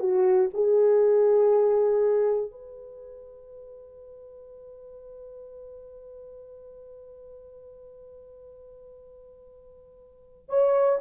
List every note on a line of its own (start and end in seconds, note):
0.00 0.50 F#4
0.54 2.51 G#4
2.51 10.49 B4
10.49 10.99 C#5